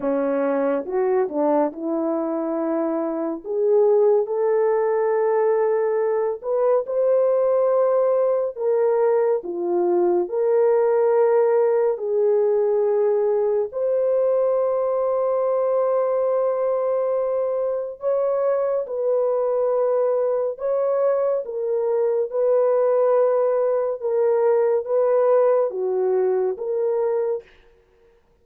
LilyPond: \new Staff \with { instrumentName = "horn" } { \time 4/4 \tempo 4 = 70 cis'4 fis'8 d'8 e'2 | gis'4 a'2~ a'8 b'8 | c''2 ais'4 f'4 | ais'2 gis'2 |
c''1~ | c''4 cis''4 b'2 | cis''4 ais'4 b'2 | ais'4 b'4 fis'4 ais'4 | }